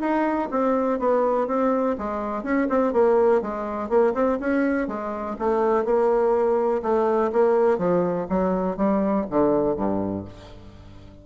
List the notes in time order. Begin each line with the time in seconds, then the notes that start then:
0.00 D#4
0.51 C4
0.99 B3
1.47 C4
1.98 G#3
2.43 C#4
2.69 C4
2.93 A#3
3.41 G#3
3.89 A#3
4.14 C4
4.40 C#4
4.87 G#3
5.39 A3
5.84 A#3
6.82 A3
7.32 A#3
7.78 F3
8.29 F#3
8.76 G3
9.30 D3
9.76 G2